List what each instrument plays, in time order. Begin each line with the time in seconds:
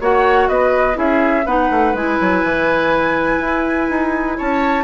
0.00 bassoon A#3, clarinet F#4, oboe C#5, flute F#5
0.48 bassoon B3, oboe B4, flute D#5
0.93 bassoon C#4, clarinet E4, oboe G#4, flute E5
1.45 bassoon B3, clarinet D#4, oboe B4, flute F#5
1.70 bassoon A3
1.93 bassoon G#3, clarinet E4, flute G#5
2.21 bassoon F#3
2.43 bassoon E3
3.39 bassoon E4
3.89 bassoon D#4
4.37 bassoon C#4, oboe C#5, flute A5